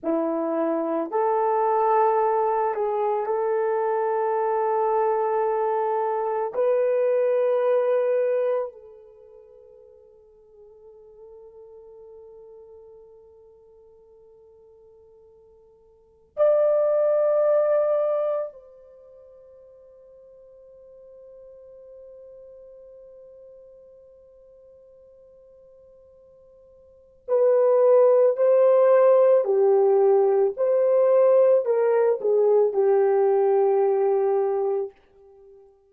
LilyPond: \new Staff \with { instrumentName = "horn" } { \time 4/4 \tempo 4 = 55 e'4 a'4. gis'8 a'4~ | a'2 b'2 | a'1~ | a'2. d''4~ |
d''4 c''2.~ | c''1~ | c''4 b'4 c''4 g'4 | c''4 ais'8 gis'8 g'2 | }